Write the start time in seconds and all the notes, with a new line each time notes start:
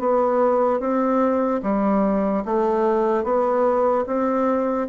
0.00 B3
0.80 C4
1.63 G3
2.45 A3
3.24 B3
4.07 C4